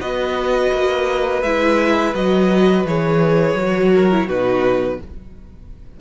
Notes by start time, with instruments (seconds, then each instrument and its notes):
0.00 cello B3, viola F#4, violin B4 D#5
0.72 cello A#3
1.42 cello G#3, viola E4, violin E5
2.14 cello F#3, viola F#4, violin D#5
2.85 cello E3, viola G#4, violin C#5
3.54 cello F#3, viola F#4
3.94 violin A#4
4.11 viola E4
4.26 cello B2, viola D#4, violin F#4 B4